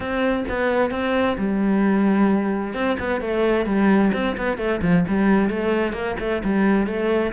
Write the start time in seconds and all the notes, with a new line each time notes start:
0.00 C4
0.48 B3
0.90 C4
1.37 G3
2.74 C4
2.99 B3
3.20 A3
3.65 G3
4.13 C4
4.37 B3
4.57 A3
4.81 F3
5.07 G3
5.49 A3
5.93 A#3
6.19 A3
6.44 G3
6.86 A3